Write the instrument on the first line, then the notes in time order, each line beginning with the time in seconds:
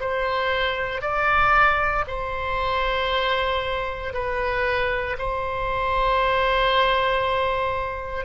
oboe
0.00 C5
1.01 D5
2.07 C5
4.13 B4
5.18 C5